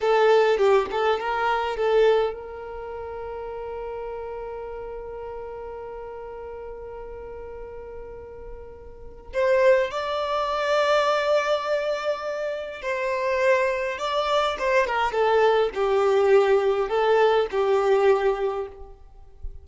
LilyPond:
\new Staff \with { instrumentName = "violin" } { \time 4/4 \tempo 4 = 103 a'4 g'8 a'8 ais'4 a'4 | ais'1~ | ais'1~ | ais'1 |
c''4 d''2.~ | d''2 c''2 | d''4 c''8 ais'8 a'4 g'4~ | g'4 a'4 g'2 | }